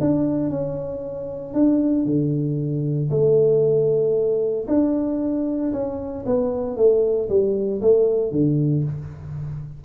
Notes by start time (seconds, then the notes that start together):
0.00 D4
0.49 C#4
1.54 D4
2.05 D3
3.10 A3
4.67 D4
5.72 C#4
6.25 B3
6.76 A3
7.29 G3
7.81 A3
8.31 D3